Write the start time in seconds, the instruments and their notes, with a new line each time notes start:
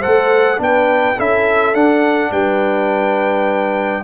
0.00 trombone A4, horn C5, trumpet F#5
0.06 tuba A3
0.58 tuba B3, trombone D4, horn B4, trumpet G5
1.17 tuba C#4, trombone E4, horn A4, trumpet E5
1.74 tuba D4, trombone D4, trumpet F#5
2.31 tuba G3, horn B4, trumpet G5